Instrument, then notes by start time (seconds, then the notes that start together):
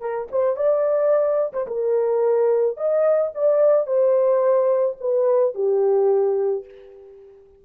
horn
0.00 A#4
0.32 C5
0.56 D5
1.53 C5
1.67 A#4
2.77 D#5
3.35 D5
3.87 C5
5.00 B4
5.55 G4